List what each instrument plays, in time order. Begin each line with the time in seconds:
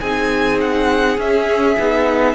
0.00 cello C4, viola D#4, violin G#4 G#5
0.61 violin F#5
1.18 cello C#4, viola C#4, violin E5
1.78 cello B3, viola D#4